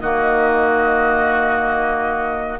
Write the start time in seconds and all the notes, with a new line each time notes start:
0.00 D#3 A#3 F#4 D#5